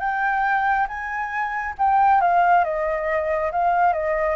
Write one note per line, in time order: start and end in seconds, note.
0.00 0.87 G5
0.88 1.75 G#5
1.78 2.21 G5
2.21 2.64 F5
2.64 3.51 D#5
3.52 3.93 F5
3.93 4.36 D#5